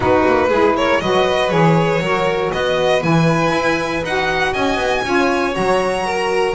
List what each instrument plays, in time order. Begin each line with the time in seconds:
0.00 double bass B3, saxophone D#4, violin F#4 B4
0.26 double bass A#3
0.48 double bass G#3, saxophone E4, violin G#4
0.76 violin A#4 C#5
1.00 double bass F#3, saxophone F#4, violin B4 D#5
1.50 double bass E3, saxophone G#4, violin C#5
2.00 double bass F#3, saxophone F#4, violin A#4
2.52 double bass B3, violin B4 D#5
3.00 double bass E3, saxophone E4, violin G#5
3.51 double bass E4
4.03 double bass D#4, saxophone F#4, violin F#5
4.52 double bass C#4, violin D#5 G#5
4.76 double bass B3
5.04 double bass C#4, saxophone F4, violin C#5
5.52 double bass F#3, saxophone F#4, violin A#5
6.06 violin A#4